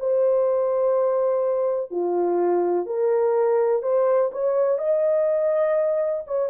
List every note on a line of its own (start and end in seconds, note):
0.00 1.91 C5
1.91 2.86 F4
2.86 3.83 A#4
3.83 4.31 C5
4.32 4.79 C#5
4.79 6.24 D#5
6.27 6.50 C#5